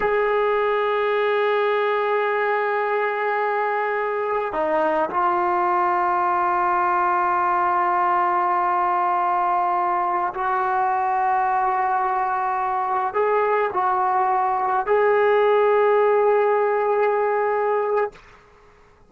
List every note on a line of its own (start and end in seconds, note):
0.00 4.53 G#4
4.53 5.09 D#4
5.09 10.33 F4
10.34 13.14 F#4
13.14 13.70 G#4
13.73 14.86 F#4
14.86 18.12 G#4